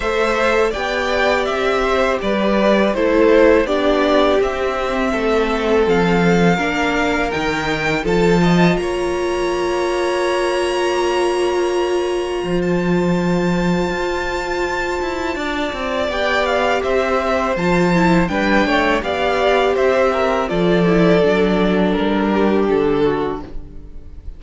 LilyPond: <<
  \new Staff \with { instrumentName = "violin" } { \time 4/4 \tempo 4 = 82 e''4 g''4 e''4 d''4 | c''4 d''4 e''2 | f''2 g''4 a''4 | ais''1~ |
ais''4~ ais''16 a''2~ a''8.~ | a''2 g''8 f''8 e''4 | a''4 g''4 f''4 e''4 | d''2 ais'4 a'4 | }
  \new Staff \with { instrumentName = "violin" } { \time 4/4 c''4 d''4. c''8 b'4 | a'4 g'2 a'4~ | a'4 ais'2 a'8 dis''8 | cis''1~ |
cis''4 c''2.~ | c''4 d''2 c''4~ | c''4 b'8 cis''8 d''4 c''8 ais'8 | a'2~ a'8 g'4 fis'8 | }
  \new Staff \with { instrumentName = "viola" } { \time 4/4 a'4 g'2. | e'4 d'4 c'2~ | c'4 d'4 dis'4 f'4~ | f'1~ |
f'1~ | f'2 g'2 | f'8 e'8 d'4 g'2 | f'8 e'8 d'2. | }
  \new Staff \with { instrumentName = "cello" } { \time 4/4 a4 b4 c'4 g4 | a4 b4 c'4 a4 | f4 ais4 dis4 f4 | ais1~ |
ais4 f2 f'4~ | f'8 e'8 d'8 c'8 b4 c'4 | f4 g8 a8 b4 c'4 | f4 fis4 g4 d4 | }
>>